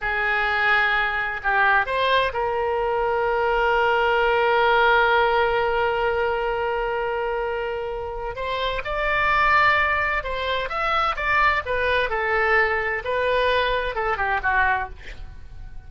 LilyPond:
\new Staff \with { instrumentName = "oboe" } { \time 4/4 \tempo 4 = 129 gis'2. g'4 | c''4 ais'2.~ | ais'1~ | ais'1~ |
ais'2 c''4 d''4~ | d''2 c''4 e''4 | d''4 b'4 a'2 | b'2 a'8 g'8 fis'4 | }